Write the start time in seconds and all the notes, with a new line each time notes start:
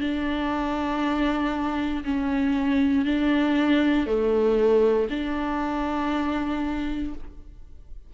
0.00 D4
2.04 C#4
3.05 D4
4.06 A3
5.10 D4